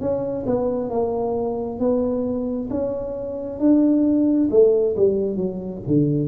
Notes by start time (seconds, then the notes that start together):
0.00 C#4
0.46 B3
0.90 A#3
1.79 B3
2.70 C#4
3.59 D4
4.51 A3
4.96 G3
5.36 F#3
5.87 D3